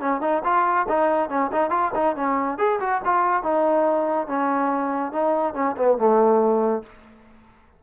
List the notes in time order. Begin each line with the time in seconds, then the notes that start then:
0.00 C#4
0.21 D#4
0.44 F4
0.88 D#4
1.29 C#4
1.52 D#4
1.70 F4
1.95 D#4
2.16 C#4
2.58 G#4
2.80 F#4
3.05 F4
3.43 D#4
4.27 C#4
5.12 D#4
5.54 C#4
5.76 B3
5.98 A3